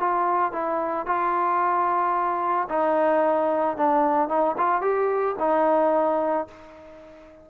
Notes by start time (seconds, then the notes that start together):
0.00 F4
0.52 E4
1.06 F4
2.69 D#4
3.77 D4
4.29 D#4
4.57 F4
4.82 G4
5.39 D#4